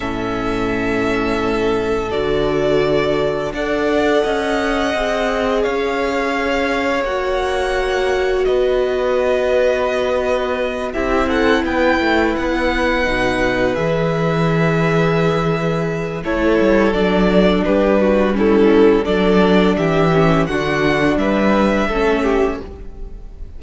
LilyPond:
<<
  \new Staff \with { instrumentName = "violin" } { \time 4/4 \tempo 4 = 85 e''2. d''4~ | d''4 fis''2. | f''2 fis''2 | dis''2.~ dis''8 e''8 |
fis''8 g''4 fis''2 e''8~ | e''2. cis''4 | d''4 b'4 a'4 d''4 | e''4 fis''4 e''2 | }
  \new Staff \with { instrumentName = "violin" } { \time 4/4 a'1~ | a'4 d''4 dis''2 | cis''1 | b'2.~ b'8 g'8 |
a'8 b'2.~ b'8~ | b'2. a'4~ | a'4 g'8 fis'8 e'4 a'4 | g'4 fis'4 b'4 a'8 g'8 | }
  \new Staff \with { instrumentName = "viola" } { \time 4/4 cis'2. fis'4~ | fis'4 a'2 gis'4~ | gis'2 fis'2~ | fis'2.~ fis'8 e'8~ |
e'2~ e'8 dis'4 gis'8~ | gis'2. e'4 | d'2 cis'4 d'4~ | d'8 cis'8 d'2 cis'4 | }
  \new Staff \with { instrumentName = "cello" } { \time 4/4 a,2. d4~ | d4 d'4 cis'4 c'4 | cis'2 ais2 | b2.~ b8 c'8~ |
c'8 b8 a8 b4 b,4 e8~ | e2. a8 g8 | fis4 g2 fis4 | e4 d4 g4 a4 | }
>>